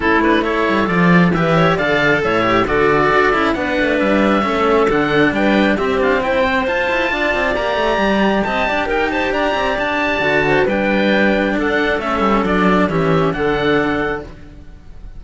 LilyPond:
<<
  \new Staff \with { instrumentName = "oboe" } { \time 4/4 \tempo 4 = 135 a'8 b'8 cis''4 d''4 e''4 | f''4 e''4 d''2 | fis''4 e''2 fis''4 | g''4 e''8 f''8 g''4 a''4~ |
a''4 ais''2 a''4 | g''8 a''8 ais''4 a''2 | g''2 fis''4 e''4 | d''4 e''4 fis''2 | }
  \new Staff \with { instrumentName = "clarinet" } { \time 4/4 e'4 a'2 b'8 cis''8 | d''4 cis''4 a'2 | b'2 a'2 | b'4 g'4 c''2 |
d''2. dis''8 d''8 | ais'8 c''8 d''2~ d''8 c''8 | b'2 a'2~ | a'4 g'4 a'2 | }
  \new Staff \with { instrumentName = "cello" } { \time 4/4 cis'8 d'8 e'4 f'4 g'4 | a'4. g'8 fis'4. e'8 | d'2 cis'4 d'4~ | d'4 c'2 f'4~ |
f'4 g'2.~ | g'2. fis'4 | d'2. cis'4 | d'4 cis'4 d'2 | }
  \new Staff \with { instrumentName = "cello" } { \time 4/4 a4. g8 f4 e4 | d4 a,4 d4 d'8 cis'8 | b8 a8 g4 a4 d4 | g4 c'8 d'8 e'8 c'8 f'8 e'8 |
d'8 c'8 ais8 a8 g4 c'8 d'8 | dis'4 d'8 c'8 d'4 d4 | g2 d'4 a8 g8 | fis4 e4 d2 | }
>>